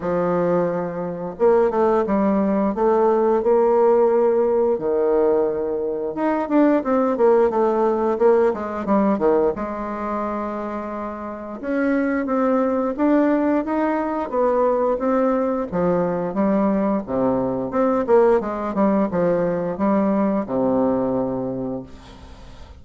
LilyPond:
\new Staff \with { instrumentName = "bassoon" } { \time 4/4 \tempo 4 = 88 f2 ais8 a8 g4 | a4 ais2 dis4~ | dis4 dis'8 d'8 c'8 ais8 a4 | ais8 gis8 g8 dis8 gis2~ |
gis4 cis'4 c'4 d'4 | dis'4 b4 c'4 f4 | g4 c4 c'8 ais8 gis8 g8 | f4 g4 c2 | }